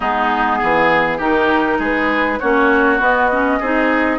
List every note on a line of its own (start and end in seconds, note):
0.00 0.60 G#3
0.00 1.20 B3
0.00 0.58 D#4
0.00 1.20 G#4
0.58 1.19 E3
0.58 1.17 G#4
1.17 1.78 D#3
1.17 2.40 D#4
1.17 1.77 G4
1.17 1.80 A#4
1.78 2.38 G#3
1.78 2.39 G#4
1.78 2.39 B4
2.39 2.99 A#3
2.39 2.99 C#4
2.39 3.59 F#4
2.39 2.99 C#5
2.99 3.29 B3
2.99 3.59 B3
2.99 4.18 D#5
3.31 3.61 C#4
3.59 4.18 C4
3.59 4.18 D#4
3.59 4.18 G#4